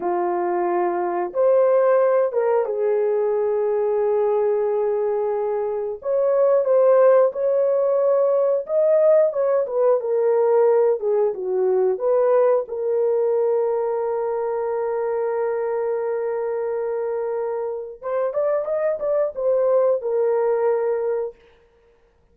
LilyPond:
\new Staff \with { instrumentName = "horn" } { \time 4/4 \tempo 4 = 90 f'2 c''4. ais'8 | gis'1~ | gis'4 cis''4 c''4 cis''4~ | cis''4 dis''4 cis''8 b'8 ais'4~ |
ais'8 gis'8 fis'4 b'4 ais'4~ | ais'1~ | ais'2. c''8 d''8 | dis''8 d''8 c''4 ais'2 | }